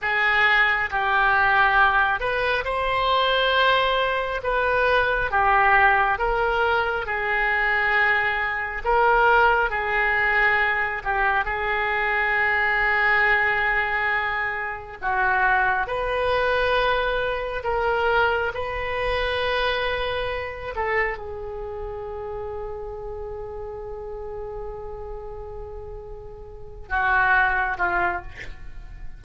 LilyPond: \new Staff \with { instrumentName = "oboe" } { \time 4/4 \tempo 4 = 68 gis'4 g'4. b'8 c''4~ | c''4 b'4 g'4 ais'4 | gis'2 ais'4 gis'4~ | gis'8 g'8 gis'2.~ |
gis'4 fis'4 b'2 | ais'4 b'2~ b'8 a'8 | gis'1~ | gis'2~ gis'8 fis'4 f'8 | }